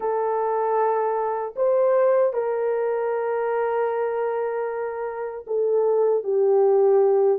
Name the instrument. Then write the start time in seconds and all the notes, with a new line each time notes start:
horn
0.00 A4
1.55 C5
2.33 A#4
5.46 A4
6.23 G4